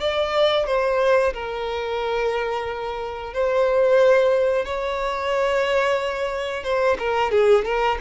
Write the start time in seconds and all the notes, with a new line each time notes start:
0.00 D5
0.66 C5
1.34 A#4
3.34 C5
4.65 C#5
6.64 C5
6.98 A#4
7.31 G#4
7.65 A#4